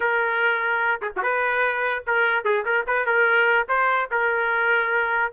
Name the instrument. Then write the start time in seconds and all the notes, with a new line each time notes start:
trumpet
0.00 A#4
1.01 G#4
1.16 F#4
1.22 B4
2.06 A#4
2.44 G#4
2.65 A#4
2.86 B4
3.06 A#4
3.68 C5
4.11 A#4